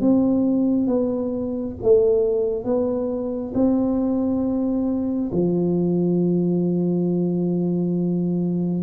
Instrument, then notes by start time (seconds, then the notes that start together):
tuba
0.00 C4
0.87 B3
1.82 A3
2.64 B3
3.54 C4
5.32 F3